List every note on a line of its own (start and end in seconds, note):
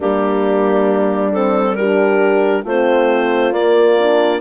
0.00 2.64 G3
0.00 1.31 A#3
0.00 1.72 D4
0.00 1.33 G4
1.33 1.77 C4
1.33 1.75 A4
1.75 2.66 D4
1.75 2.64 G4
1.75 2.63 A#4
2.64 3.52 A3
2.64 3.54 C4
2.64 4.40 F4
2.64 3.53 C5
3.52 4.40 A#3
3.52 3.98 A#3
3.52 4.40 D5
3.98 4.40 D4